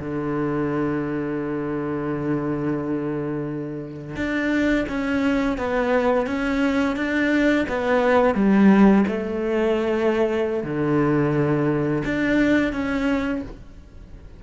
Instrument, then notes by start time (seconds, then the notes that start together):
cello
0.00 D3
4.16 D4
4.89 C#4
5.58 B3
6.27 C#4
6.97 D4
7.69 B3
8.35 G3
9.08 A3
10.64 D3
12.05 D4
12.73 C#4